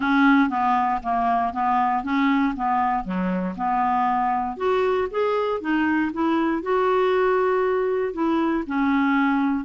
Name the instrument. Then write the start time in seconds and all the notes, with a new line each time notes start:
clarinet
0.00 C#4
0.49 B3
1.02 A#3
1.53 B3
2.03 C#4
2.56 B3
3.04 F#3
3.57 B3
4.56 F#4
5.11 G#4
5.60 D#4
6.12 E4
6.62 F#4
8.13 E4
8.66 C#4